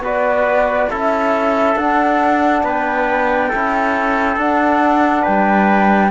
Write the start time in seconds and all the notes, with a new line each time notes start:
0.00 B3 F#4 B4 D5
0.90 C#4 E4 A4 E5
1.76 D4 F#5
2.64 B3 B4 G5
3.49 E4 A4
3.55 C#4
4.37 D4 F#5
5.22 G3 B4 G5